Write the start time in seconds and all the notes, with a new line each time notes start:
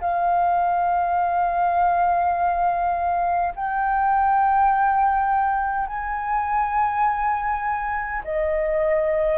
0.00 F5
3.55 G5
5.87 G#5
8.24 D#5